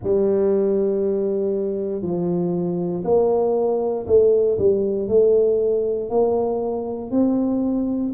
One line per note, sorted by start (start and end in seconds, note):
0.03 2.02 G3
2.02 3.03 F3
3.04 4.05 A#3
4.07 4.58 A3
4.58 5.08 G3
5.08 6.09 A3
6.09 7.10 A#3
7.10 8.12 C4